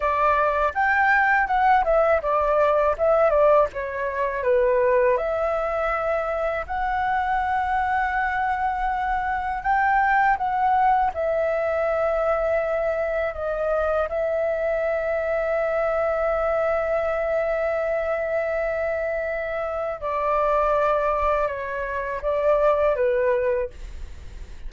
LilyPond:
\new Staff \with { instrumentName = "flute" } { \time 4/4 \tempo 4 = 81 d''4 g''4 fis''8 e''8 d''4 | e''8 d''8 cis''4 b'4 e''4~ | e''4 fis''2.~ | fis''4 g''4 fis''4 e''4~ |
e''2 dis''4 e''4~ | e''1~ | e''2. d''4~ | d''4 cis''4 d''4 b'4 | }